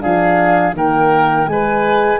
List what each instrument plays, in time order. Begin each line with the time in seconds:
0.00 tuba F3, horn D4, oboe G#4, flute F5
0.72 tuba D#3, horn A#3, oboe A#4, flute G5
1.46 tuba G#3, horn G#3, oboe B4, flute G#5